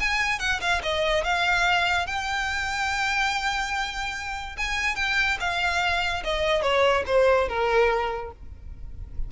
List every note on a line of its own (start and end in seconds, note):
0.00 0.39 G#5
0.39 0.60 F#5
0.61 0.82 F5
0.83 1.24 D#5
1.24 2.06 F5
2.06 4.56 G5
4.57 4.96 G#5
4.96 5.37 G5
5.40 6.23 F5
6.24 6.62 D#5
6.62 7.04 C#5
7.07 7.48 C5
7.48 8.32 A#4